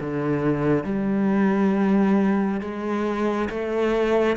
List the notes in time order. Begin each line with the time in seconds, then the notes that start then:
0.00 D3
0.84 G3
2.60 G#3
3.49 A3